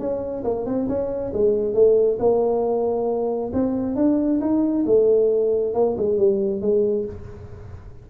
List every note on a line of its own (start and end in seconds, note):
0.00 0.44 C#4
0.44 0.66 A#3
0.66 0.88 C4
0.89 1.33 C#4
1.33 1.74 G#3
1.74 2.18 A3
2.20 3.52 A#3
3.54 3.96 C4
3.96 4.40 D4
4.41 4.85 D#4
4.86 5.74 A3
5.74 5.96 A#3
5.97 6.18 G#3
6.18 6.61 G3
6.61 7.05 G#3